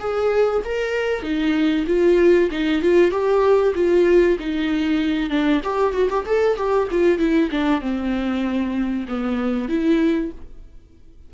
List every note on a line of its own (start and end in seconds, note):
0.00 0.62 G#4
0.64 1.22 A#4
1.22 1.85 D#4
1.87 2.50 F4
2.51 2.82 D#4
2.82 3.11 F4
3.11 3.74 G4
3.75 4.38 F4
4.39 5.30 D#4
5.30 5.61 D4
5.64 5.93 G4
5.93 6.09 F#4
6.10 6.26 G4
6.26 6.57 A4
6.57 6.88 G4
6.91 7.19 F4
7.19 7.50 E4
7.51 7.81 D4
7.81 9.06 C4
9.08 9.69 B3
9.69 10.31 E4